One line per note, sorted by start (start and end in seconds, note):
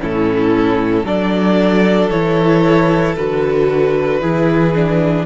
0.00 1.04 A2
0.00 1.05 C#4
0.00 1.04 E4
0.00 1.06 A4
1.04 2.09 F#3
1.04 2.11 D4
1.04 4.20 A4
1.04 2.10 D5
2.10 3.17 E3
2.10 3.17 E4
2.10 3.15 C#5
3.16 4.22 D3
3.16 4.21 F#4
3.16 5.26 B4
4.21 5.26 E3
4.21 4.74 E4
4.21 5.26 G#4
4.75 5.26 D4